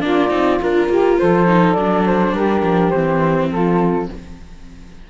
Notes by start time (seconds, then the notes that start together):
0.00 A#3 D4 F4 D5
0.28 C4 D#4
0.61 D4 F4 A#4
0.89 A#3 G4
1.18 F3 A4 C5
1.46 D#4
1.73 F#3 D4 D5
2.06 C5
2.33 G3 G4 A#4
2.63 F3
2.90 E3 C4 C5
3.50 F3 F4 A4